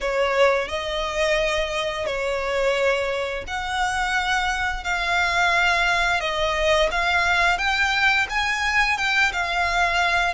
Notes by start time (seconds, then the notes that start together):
0.00 C#5
0.68 D#5
2.06 C#5
3.47 F#5
4.84 F5
6.20 D#5
6.91 F5
7.58 G5
8.29 G#5
8.97 G5
9.32 F5